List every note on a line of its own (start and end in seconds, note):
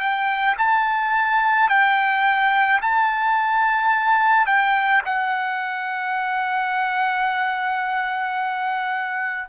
0.00 0.56 G5
0.58 1.69 A5
1.70 2.81 G5
2.82 4.47 A5
4.47 5.03 G5
5.06 9.49 F#5